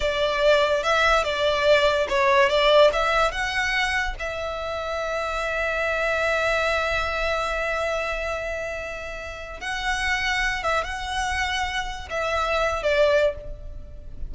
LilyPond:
\new Staff \with { instrumentName = "violin" } { \time 4/4 \tempo 4 = 144 d''2 e''4 d''4~ | d''4 cis''4 d''4 e''4 | fis''2 e''2~ | e''1~ |
e''1~ | e''2. fis''4~ | fis''4. e''8 fis''2~ | fis''4 e''4.~ e''16 d''4~ d''16 | }